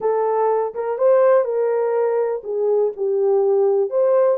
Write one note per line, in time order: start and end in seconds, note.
0.00 0.73 A4
0.74 0.98 A#4
0.98 1.44 C5
1.44 2.42 A#4
2.43 2.92 G#4
2.96 3.90 G4
3.90 4.38 C5